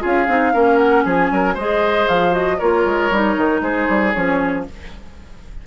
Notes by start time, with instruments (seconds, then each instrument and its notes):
0.00 bassoon C#4, clarinet F4, oboe G#4, flute F5
0.28 bassoon C4, clarinet D#4
0.53 bassoon A#3, clarinet C#4, oboe A#4
0.78 flute F#5
1.05 bassoon F3, oboe G#4, flute G#5
1.32 bassoon F#3, oboe A#4
1.55 bassoon G#3, clarinet G#4, oboe C5, flute D#5
2.09 bassoon F3, flute F5
2.32 clarinet F#4, flute D#5
2.58 bassoon A#3, clarinet F4, oboe A#4, flute C#5
2.86 bassoon G#3
3.11 bassoon G3, clarinet D#4
3.37 bassoon D#3
3.61 bassoon G#3, oboe G#4, flute C5
3.89 bassoon G3
4.13 bassoon F3, clarinet C#4, flute C#5